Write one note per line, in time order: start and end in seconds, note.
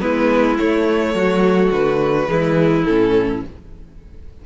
0.00 0.59 G#3
0.00 0.57 B3
0.00 1.15 E4
0.00 0.57 B4
0.57 2.27 A3
0.57 1.14 A3
0.57 1.70 C#5
1.14 1.71 F#3
1.14 2.29 F#4
1.71 2.28 D3
1.71 2.84 B4
2.27 2.85 E3
2.27 2.84 G#3
2.27 3.45 E4
2.84 3.42 A2
2.84 3.46 C#4
2.84 3.41 A4